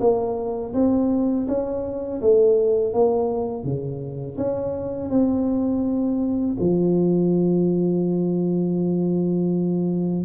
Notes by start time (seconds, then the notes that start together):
0.00 A#3
0.74 C4
1.48 C#4
2.21 A3
2.93 A#3
3.64 C#3
4.37 C#4
5.10 C4
6.60 F3